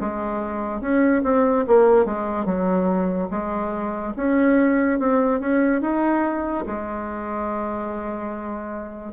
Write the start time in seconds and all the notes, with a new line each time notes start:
0.00 G#3
0.80 C#4
1.23 C4
1.67 A#3
2.05 G#3
2.45 F#3
3.30 G#3
4.16 C#4
4.99 C4
5.40 C#4
5.81 D#4
6.66 G#3